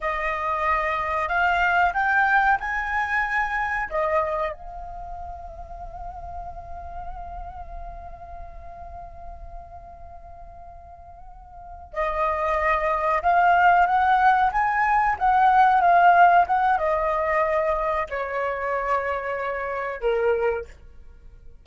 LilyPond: \new Staff \with { instrumentName = "flute" } { \time 4/4 \tempo 4 = 93 dis''2 f''4 g''4 | gis''2 dis''4 f''4~ | f''1~ | f''1~ |
f''2~ f''8 dis''4.~ | dis''8 f''4 fis''4 gis''4 fis''8~ | fis''8 f''4 fis''8 dis''2 | cis''2. ais'4 | }